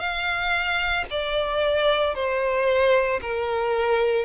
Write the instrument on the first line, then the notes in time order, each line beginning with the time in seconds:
violin
0.00 F5
1.11 D5
2.15 C5
3.22 A#4